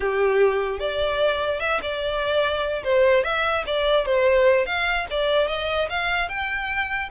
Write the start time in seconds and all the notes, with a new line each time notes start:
0.00 G4
0.79 D5
1.60 E5
1.81 D5
2.83 C5
3.23 E5
3.66 D5
4.05 C5
4.66 F5
5.10 D5
5.47 D#5
5.89 F5
6.28 G5